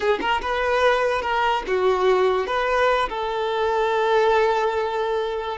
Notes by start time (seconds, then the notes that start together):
0.00 G#4
0.20 A#4
0.41 B4
1.21 A#4
1.67 F#4
2.46 B4
3.09 A4